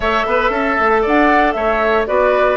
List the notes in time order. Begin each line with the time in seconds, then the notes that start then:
0.00 A3 A4 C#5 E5
0.25 B3 B4
0.50 C#4 A4
0.79 A3
1.02 D4 D5 F#5
1.52 A3 C#5 E5
2.06 B3 F#4 B4 D5